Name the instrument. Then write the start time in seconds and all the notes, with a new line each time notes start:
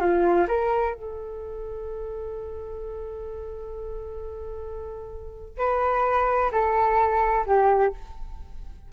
flute
0.00 F4
0.48 A#4
0.94 A4
5.58 B4
6.52 A4
7.46 G4